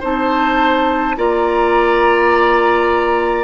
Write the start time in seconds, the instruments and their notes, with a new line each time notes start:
0.00 bassoon C4, clarinet D#4, oboe C5, flute A5
1.17 bassoon A#3, clarinet F4, oboe D5, flute A#5